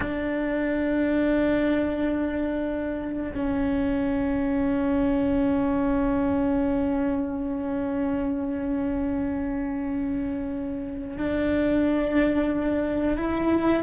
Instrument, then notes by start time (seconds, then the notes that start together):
cello
0.00 D4
3.34 C#4
11.17 D4
13.17 E4